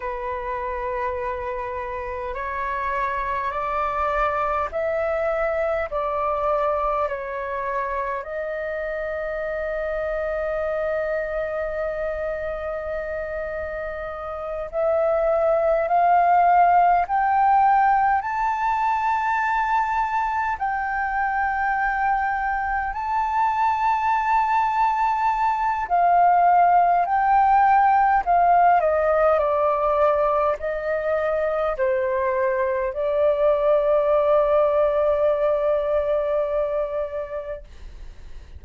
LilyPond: \new Staff \with { instrumentName = "flute" } { \time 4/4 \tempo 4 = 51 b'2 cis''4 d''4 | e''4 d''4 cis''4 dis''4~ | dis''1~ | dis''8 e''4 f''4 g''4 a''8~ |
a''4. g''2 a''8~ | a''2 f''4 g''4 | f''8 dis''8 d''4 dis''4 c''4 | d''1 | }